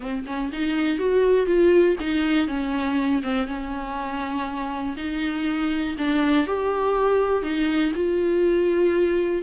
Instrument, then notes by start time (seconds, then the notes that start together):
viola
0.00 C4
0.26 C#4
0.52 D#4
0.98 F#4
1.46 F4
2.00 D#4
2.47 C#4
3.22 C4
3.47 C#4
4.97 D#4
5.98 D4
6.47 G4
7.42 D#4
7.95 F4